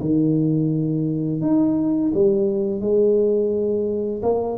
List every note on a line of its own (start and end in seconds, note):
0.00 1.41 D#3
1.41 2.12 D#4
2.14 2.81 G3
2.81 4.22 G#3
4.22 4.57 A#3